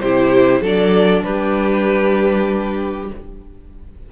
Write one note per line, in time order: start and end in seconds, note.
0.00 0.61 C3
0.00 0.63 E4
0.00 0.60 G4
0.00 0.62 C5
0.60 1.23 F#3
0.60 3.11 D4
0.60 1.22 A4
0.60 1.23 D5
1.23 3.11 G3
1.23 3.12 G4
1.23 3.09 B4